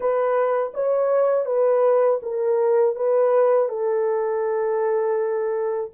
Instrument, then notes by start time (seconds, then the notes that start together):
horn
0.00 B4
0.74 C#5
1.45 B4
2.22 A#4
2.95 B4
3.68 A4